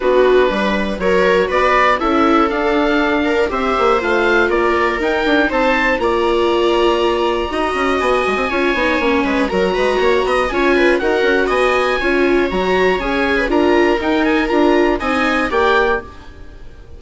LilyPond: <<
  \new Staff \with { instrumentName = "oboe" } { \time 4/4 \tempo 4 = 120 b'2 cis''4 d''4 | e''4 f''2 e''4 | f''4 d''4 g''4 a''4 | ais''1 |
gis''2. ais''4~ | ais''4 gis''4 fis''4 gis''4~ | gis''4 ais''4 gis''4 ais''4 | g''8 gis''8 ais''4 gis''4 g''4 | }
  \new Staff \with { instrumentName = "viola" } { \time 4/4 fis'4 b'4 ais'4 b'4 | a'2~ a'8 ais'8 c''4~ | c''4 ais'2 c''4 | d''2. dis''4~ |
dis''4 cis''4. b'8 ais'8 b'8 | cis''8 dis''8 cis''8 b'8 ais'4 dis''4 | cis''2~ cis''8. b'16 ais'4~ | ais'2 dis''4 d''4 | }
  \new Staff \with { instrumentName = "viola" } { \time 4/4 d'2 fis'2 | e'4 d'2 g'4 | f'2 dis'2 | f'2. fis'4~ |
fis'4 f'8 dis'8 cis'4 fis'4~ | fis'4 f'4 fis'2 | f'4 fis'4 gis'4 f'4 | dis'4 f'4 dis'4 g'4 | }
  \new Staff \with { instrumentName = "bassoon" } { \time 4/4 b4 g4 fis4 b4 | cis'4 d'2 c'8 ais8 | a4 ais4 dis'8 d'8 c'4 | ais2. dis'8 cis'8 |
b8 gis16 c'16 cis'8 b8 ais8 gis8 fis8 gis8 | ais8 b8 cis'4 dis'8 cis'8 b4 | cis'4 fis4 cis'4 d'4 | dis'4 d'4 c'4 ais4 | }
>>